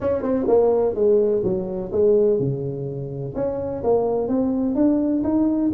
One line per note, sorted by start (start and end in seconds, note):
0.00 0.22 C#4
0.22 0.46 C4
0.47 0.94 A#3
0.94 1.42 G#3
1.43 1.91 F#3
1.92 2.39 G#3
2.39 3.34 C#3
3.35 3.82 C#4
3.83 4.28 A#3
4.28 4.75 C4
4.75 5.23 D4
5.23 5.71 D#4